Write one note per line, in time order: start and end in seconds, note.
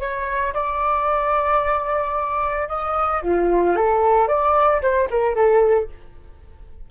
0.00 0.54 C#5
0.54 2.68 D5
2.68 3.22 D#5
3.22 3.76 F4
3.76 4.28 A4
4.28 4.81 D5
4.82 5.09 C5
5.10 5.35 A#4
5.35 5.89 A4